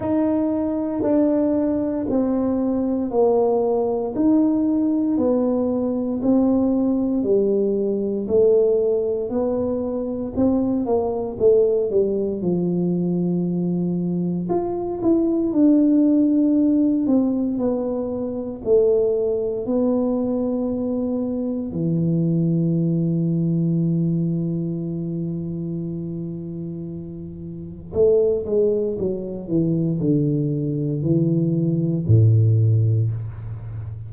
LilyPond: \new Staff \with { instrumentName = "tuba" } { \time 4/4 \tempo 4 = 58 dis'4 d'4 c'4 ais4 | dis'4 b4 c'4 g4 | a4 b4 c'8 ais8 a8 g8 | f2 f'8 e'8 d'4~ |
d'8 c'8 b4 a4 b4~ | b4 e2.~ | e2. a8 gis8 | fis8 e8 d4 e4 a,4 | }